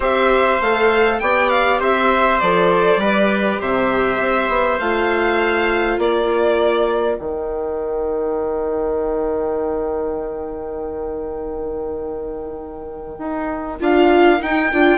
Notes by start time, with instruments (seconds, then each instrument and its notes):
0.00 bassoon C4, viola G4, trumpet C5, violin E5
0.61 bassoon A3, viola A4, violin F5
1.19 bassoon B3, viola G4, trumpet D5, violin G5
1.49 violin F5
1.79 bassoon C4, trumpet C5, violin E5
2.39 bassoon F3, viola A4, violin D5
2.96 bassoon G3, viola G4, trumpet B4
3.60 bassoon C3, trumpet C5, violin E5
4.19 bassoon C4
4.49 bassoon B3
4.79 bassoon A3, viola F4, violin F5
5.98 bassoon A#3, trumpet A#4, violin D5
7.17 bassoon D#3, viola D#4, violin G5
13.18 bassoon D#4
13.79 bassoon D4, viola F4, violin F5
14.39 viola D#4, bassoon D#4, violin G5
14.72 bassoon D4, viola F4